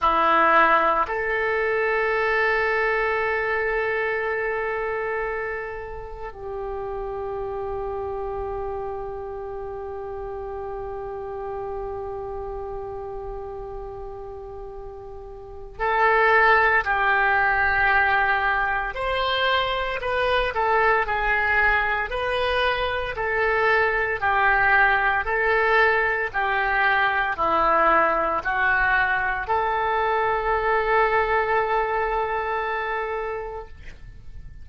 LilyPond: \new Staff \with { instrumentName = "oboe" } { \time 4/4 \tempo 4 = 57 e'4 a'2.~ | a'2 g'2~ | g'1~ | g'2. a'4 |
g'2 c''4 b'8 a'8 | gis'4 b'4 a'4 g'4 | a'4 g'4 e'4 fis'4 | a'1 | }